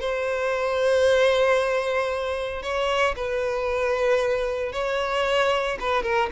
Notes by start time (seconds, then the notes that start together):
0.00 C5
2.62 C#5
3.16 B4
4.72 C#5
5.80 B4
6.03 A#4